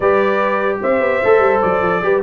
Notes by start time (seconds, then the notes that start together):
0.00 G3 G4 B4 D5
0.81 C4 C5 E5
1.00 B3
1.24 A3 A4
1.38 G3
1.61 F#3 D5
1.81 F3
2.02 G3 G4 B4